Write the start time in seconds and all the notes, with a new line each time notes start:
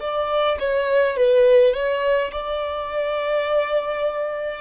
0.00 D5
0.59 C#5
1.16 B4
1.73 C#5
2.31 D5